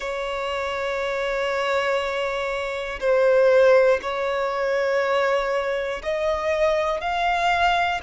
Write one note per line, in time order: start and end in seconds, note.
0.00 3.00 C#5
3.00 4.00 C5
4.01 6.01 C#5
6.02 7.00 D#5
7.00 8.00 F5